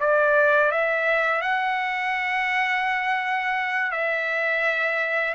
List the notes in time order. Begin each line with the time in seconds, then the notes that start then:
0.00 D5
0.71 E5
1.41 F#5
3.91 E5